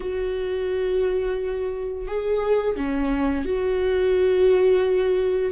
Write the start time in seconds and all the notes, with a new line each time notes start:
0.00 F#4
2.07 G#4
2.76 C#4
3.45 F#4